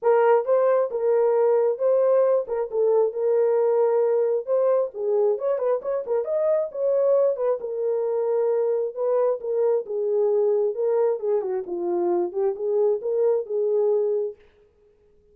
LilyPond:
\new Staff \with { instrumentName = "horn" } { \time 4/4 \tempo 4 = 134 ais'4 c''4 ais'2 | c''4. ais'8 a'4 ais'4~ | ais'2 c''4 gis'4 | cis''8 b'8 cis''8 ais'8 dis''4 cis''4~ |
cis''8 b'8 ais'2. | b'4 ais'4 gis'2 | ais'4 gis'8 fis'8 f'4. g'8 | gis'4 ais'4 gis'2 | }